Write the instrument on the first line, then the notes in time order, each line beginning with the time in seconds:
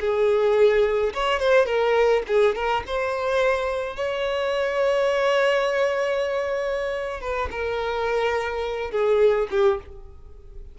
violin
0.00 G#4
1.13 C#5
1.39 C5
1.65 A#4
2.27 G#4
2.55 A#4
2.86 C5
3.96 C#5
7.20 B4
7.51 A#4
8.91 G#4
9.50 G4